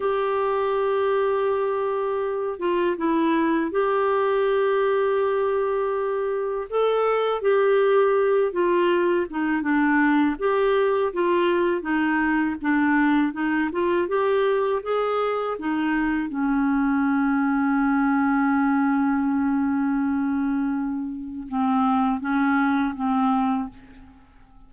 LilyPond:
\new Staff \with { instrumentName = "clarinet" } { \time 4/4 \tempo 4 = 81 g'2.~ g'8 f'8 | e'4 g'2.~ | g'4 a'4 g'4. f'8~ | f'8 dis'8 d'4 g'4 f'4 |
dis'4 d'4 dis'8 f'8 g'4 | gis'4 dis'4 cis'2~ | cis'1~ | cis'4 c'4 cis'4 c'4 | }